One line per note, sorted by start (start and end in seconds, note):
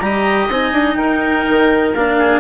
0.00 0.49 G3
0.00 0.50 G4
0.00 0.98 D#5
0.00 0.48 A#5
0.49 0.72 C4
0.49 1.95 D#4
0.49 0.95 G#5
0.72 0.96 D4
0.95 1.44 D#4
0.95 2.17 A#4
0.95 1.90 G5
1.49 1.95 D#3
1.94 2.40 A#3
1.94 2.40 D4
1.94 2.40 F5
2.18 2.40 G#4